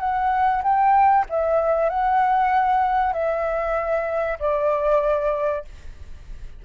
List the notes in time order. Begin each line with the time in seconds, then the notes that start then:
0.00 F#5
0.63 G5
1.30 E5
1.90 F#5
3.13 E5
4.40 D5